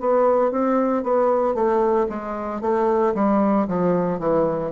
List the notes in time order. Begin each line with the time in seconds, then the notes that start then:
0.00 B3
0.51 C4
1.03 B3
1.54 A3
2.09 G#3
2.61 A3
3.14 G3
3.67 F3
4.19 E3